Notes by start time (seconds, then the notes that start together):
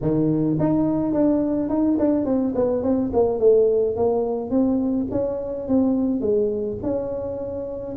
0.01 D#3
0.59 D#4
1.13 D4
1.69 D#4
1.99 D4
2.25 C4
2.55 B3
2.83 C4
3.13 A#3
3.39 A3
3.96 A#3
4.50 C4
5.11 C#4
5.68 C4
6.21 G#3
6.83 C#4